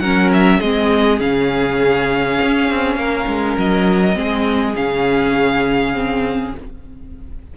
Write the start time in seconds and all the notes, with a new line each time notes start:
0.00 F#3 C#4 A#4 F#5
0.34 E5
0.60 G#3 C4 G#4 D#5
1.20 C#3 C#4 F5
2.43 C#4
2.70 C4
2.96 A#3 A#4
3.27 G#3
3.58 F#3 D#5
4.15 G#3 C4 G#4
4.76 C#3 C#4 F5
5.94 C4